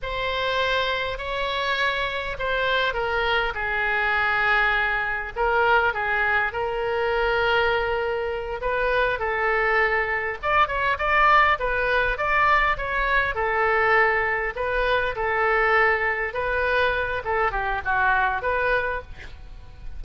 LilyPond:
\new Staff \with { instrumentName = "oboe" } { \time 4/4 \tempo 4 = 101 c''2 cis''2 | c''4 ais'4 gis'2~ | gis'4 ais'4 gis'4 ais'4~ | ais'2~ ais'8 b'4 a'8~ |
a'4. d''8 cis''8 d''4 b'8~ | b'8 d''4 cis''4 a'4.~ | a'8 b'4 a'2 b'8~ | b'4 a'8 g'8 fis'4 b'4 | }